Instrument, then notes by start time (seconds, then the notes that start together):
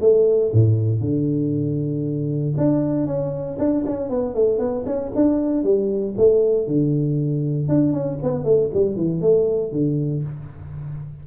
tuba
0.00 A3
0.52 A2
1.00 D3
2.57 D4
3.06 C#4
3.59 D4
3.86 C#4
4.10 B3
4.34 A3
4.59 B3
4.86 C#4
5.15 D4
5.63 G3
6.17 A3
6.67 D3
7.68 D4
7.93 C#4
8.23 B3
8.44 A3
8.73 G3
8.96 E3
9.21 A3
9.72 D3